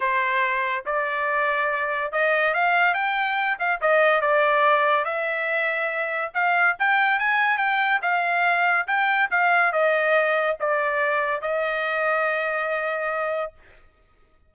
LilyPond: \new Staff \with { instrumentName = "trumpet" } { \time 4/4 \tempo 4 = 142 c''2 d''2~ | d''4 dis''4 f''4 g''4~ | g''8 f''8 dis''4 d''2 | e''2. f''4 |
g''4 gis''4 g''4 f''4~ | f''4 g''4 f''4 dis''4~ | dis''4 d''2 dis''4~ | dis''1 | }